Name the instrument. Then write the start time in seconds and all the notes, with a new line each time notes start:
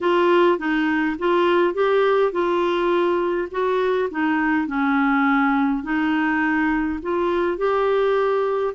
clarinet
0.00 F4
0.58 D#4
1.18 F4
1.74 G4
2.31 F4
3.51 F#4
4.10 D#4
4.67 C#4
5.83 D#4
7.02 F4
7.57 G4